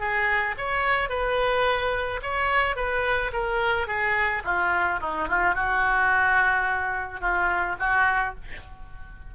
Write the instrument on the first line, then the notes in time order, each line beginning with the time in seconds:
oboe
0.00 G#4
0.58 C#5
1.10 B4
2.22 C#5
2.76 B4
3.33 A#4
3.88 G#4
4.44 F4
5.01 D#4
5.29 F4
5.55 F#4
7.21 F4
7.80 F#4